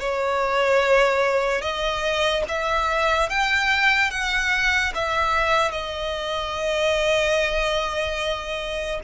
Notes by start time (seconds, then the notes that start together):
0.00 C#5
1.62 D#5
2.49 E5
3.30 G5
4.11 F#5
4.95 E5
5.72 D#5